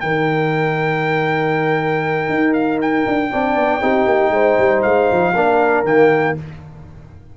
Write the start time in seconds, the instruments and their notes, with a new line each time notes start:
0.00 tuba D#3, trombone D#4, horn A#4, trumpet G5
2.29 tuba D#4
2.53 trumpet F5
2.81 trumpet G5
3.07 tuba D4
3.31 tuba C4, trombone D4, horn D5
3.55 tuba B3
3.81 tuba C4, trombone D#4, horn G4
4.06 tuba A#3
4.30 tuba G#3, horn C5
4.58 tuba G3
4.82 tuba G#3, trumpet F5
5.11 tuba F3
5.35 tuba A#3, trombone D4, horn A#4
5.84 tuba D#3, trombone A#3, trumpet G5